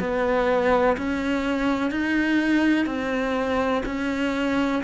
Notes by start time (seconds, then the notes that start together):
0.00 B3
0.97 C#4
1.91 D#4
2.86 C4
3.86 C#4